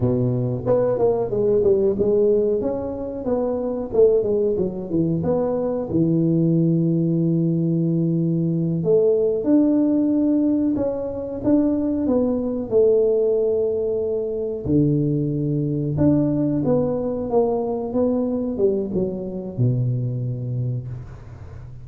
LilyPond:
\new Staff \with { instrumentName = "tuba" } { \time 4/4 \tempo 4 = 92 b,4 b8 ais8 gis8 g8 gis4 | cis'4 b4 a8 gis8 fis8 e8 | b4 e2.~ | e4. a4 d'4.~ |
d'8 cis'4 d'4 b4 a8~ | a2~ a8 d4.~ | d8 d'4 b4 ais4 b8~ | b8 g8 fis4 b,2 | }